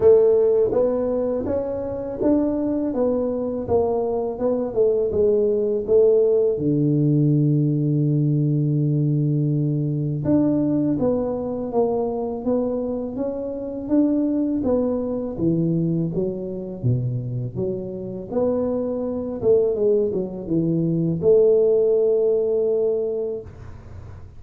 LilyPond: \new Staff \with { instrumentName = "tuba" } { \time 4/4 \tempo 4 = 82 a4 b4 cis'4 d'4 | b4 ais4 b8 a8 gis4 | a4 d2.~ | d2 d'4 b4 |
ais4 b4 cis'4 d'4 | b4 e4 fis4 b,4 | fis4 b4. a8 gis8 fis8 | e4 a2. | }